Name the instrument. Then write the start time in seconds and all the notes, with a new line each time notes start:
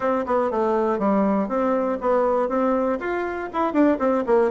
bassoon
0.00 C4
0.25 B3
0.50 A3
0.98 G3
1.48 C4
2.00 B3
2.48 C4
2.99 F4
3.52 E4
3.72 D4
3.98 C4
4.26 A#3